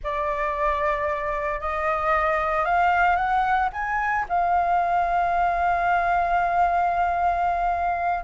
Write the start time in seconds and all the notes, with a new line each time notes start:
0.03 D5
1.60 D#5
2.65 F5
3.16 F#5
3.72 G#5
4.29 F5